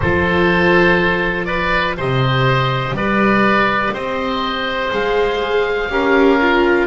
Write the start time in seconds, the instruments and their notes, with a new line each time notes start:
0.00 double bass F3, viola F4, oboe A4 C5
1.44 oboe B4 D5
1.96 double bass C3, viola G4, oboe C5 D#5
2.91 double bass G3, oboe B4 D5
3.93 double bass C4, oboe C5 D#5
4.90 double bass G#3, viola G#4, oboe F5
5.89 double bass C#4, viola G4, oboe A#4
6.40 viola F4